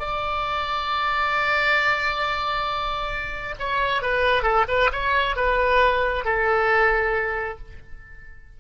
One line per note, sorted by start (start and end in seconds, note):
0.00 3.56 D5
3.59 4.02 C#5
4.02 4.43 B4
4.43 4.65 A4
4.68 4.91 B4
4.93 5.36 C#5
5.36 6.25 B4
6.25 7.58 A4